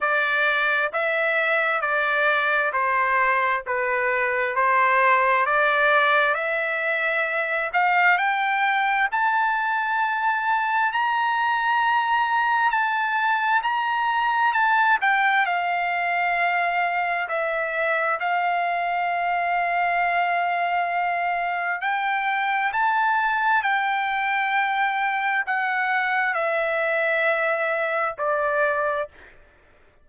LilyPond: \new Staff \with { instrumentName = "trumpet" } { \time 4/4 \tempo 4 = 66 d''4 e''4 d''4 c''4 | b'4 c''4 d''4 e''4~ | e''8 f''8 g''4 a''2 | ais''2 a''4 ais''4 |
a''8 g''8 f''2 e''4 | f''1 | g''4 a''4 g''2 | fis''4 e''2 d''4 | }